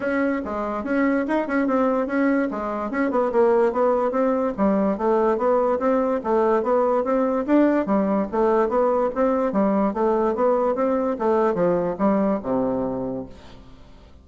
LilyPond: \new Staff \with { instrumentName = "bassoon" } { \time 4/4 \tempo 4 = 145 cis'4 gis4 cis'4 dis'8 cis'8 | c'4 cis'4 gis4 cis'8 b8 | ais4 b4 c'4 g4 | a4 b4 c'4 a4 |
b4 c'4 d'4 g4 | a4 b4 c'4 g4 | a4 b4 c'4 a4 | f4 g4 c2 | }